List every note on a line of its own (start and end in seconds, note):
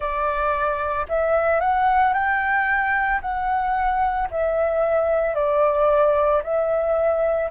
0.00 1.06 D5
1.09 1.60 E5
1.60 2.13 F#5
2.13 3.20 G5
3.21 4.28 F#5
4.31 5.34 E5
5.34 6.41 D5
6.43 7.50 E5